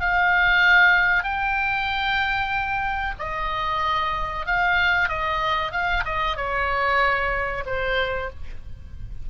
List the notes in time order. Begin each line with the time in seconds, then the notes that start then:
0.00 F5
1.23 G5
3.19 D#5
4.46 F5
5.09 D#5
5.72 F5
6.05 D#5
6.36 C#5
7.66 C5